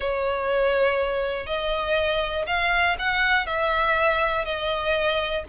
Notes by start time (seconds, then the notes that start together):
0.00 C#5
1.46 D#5
2.46 F5
2.98 F#5
3.46 E5
4.44 D#5